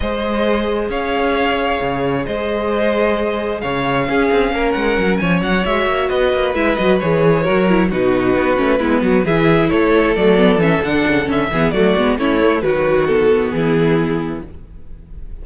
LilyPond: <<
  \new Staff \with { instrumentName = "violin" } { \time 4/4 \tempo 4 = 133 dis''2 f''2~ | f''4 dis''2. | f''2~ f''8 fis''4 gis''8 | fis''8 e''4 dis''4 e''8 dis''8 cis''8~ |
cis''4. b'2~ b'8~ | b'8 e''4 cis''4 d''4 e''8 | fis''4 e''4 d''4 cis''4 | b'4 a'4 gis'2 | }
  \new Staff \with { instrumentName = "violin" } { \time 4/4 c''2 cis''2~ | cis''4 c''2. | cis''4 gis'4 ais'4. cis''8~ | cis''4. b'2~ b'8~ |
b'8 ais'4 fis'2 e'8 | fis'8 gis'4 a'2~ a'8~ | a'4. gis'8 fis'4 e'4 | fis'2 e'2 | }
  \new Staff \with { instrumentName = "viola" } { \time 4/4 gis'1~ | gis'1~ | gis'4 cis'2.~ | cis'8 fis'2 e'8 fis'8 gis'8~ |
gis'8 fis'8 e'8 dis'4. cis'8 b8~ | b8 e'2 a8 b8 cis'8 | d'4 cis'8 b8 a8 b8 cis'8 a8 | fis4 b2. | }
  \new Staff \with { instrumentName = "cello" } { \time 4/4 gis2 cis'2 | cis4 gis2. | cis4 cis'8 c'8 ais8 gis8 fis8 f8 | fis8 gis8 ais8 b8 ais8 gis8 fis8 e8~ |
e8 fis4 b,4 b8 a8 gis8 | fis8 e4 a4 fis4 e8 | d8 cis8 d8 e8 fis8 gis8 a4 | dis2 e2 | }
>>